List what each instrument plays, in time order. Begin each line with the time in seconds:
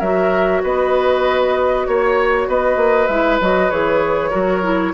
0.00 bassoon F#3, clarinet F#4, oboe A#4, flute E5
0.64 bassoon B3, oboe B4, flute D#5
1.87 bassoon A#3, flute C#5, oboe C#5
2.48 bassoon B3, oboe B4, flute D#5
2.77 bassoon A#3
3.08 bassoon G#3, clarinet E4, flute E5
3.41 bassoon F#3, clarinet F#4, flute D#5
3.71 bassoon E3, clarinet G#4, flute C#5
4.31 bassoon F#3, clarinet F#4, oboe A#4
4.63 clarinet E4